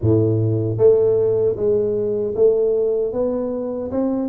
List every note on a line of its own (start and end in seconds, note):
0.01 0.77 A2
0.77 1.55 A3
1.56 2.34 G#3
2.35 3.12 A3
3.12 3.90 B3
3.91 4.28 C4